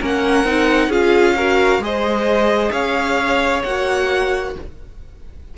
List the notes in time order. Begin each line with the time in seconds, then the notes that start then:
0.00 A#3 C#4 A#4 F#5
0.44 C4 D#4
0.88 C#4 F4 G#4 F5
1.36 F#4 A#4
1.79 G#3 G#4 D#5
1.85 C5
2.71 C#4 C#5 F5
3.63 A#3 F#4 F#5